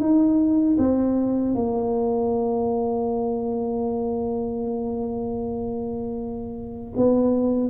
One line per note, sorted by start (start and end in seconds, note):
0.00 0.77 D#4
0.78 1.55 C4
1.55 6.93 A#3
6.97 7.70 B3